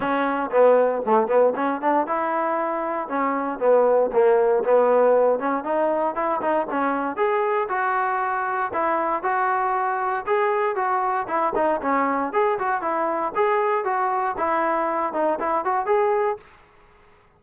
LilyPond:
\new Staff \with { instrumentName = "trombone" } { \time 4/4 \tempo 4 = 117 cis'4 b4 a8 b8 cis'8 d'8 | e'2 cis'4 b4 | ais4 b4. cis'8 dis'4 | e'8 dis'8 cis'4 gis'4 fis'4~ |
fis'4 e'4 fis'2 | gis'4 fis'4 e'8 dis'8 cis'4 | gis'8 fis'8 e'4 gis'4 fis'4 | e'4. dis'8 e'8 fis'8 gis'4 | }